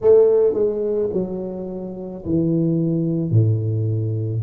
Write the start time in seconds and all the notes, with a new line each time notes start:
0.01 A3
0.53 G#3
1.12 F#3
2.25 E3
3.30 A2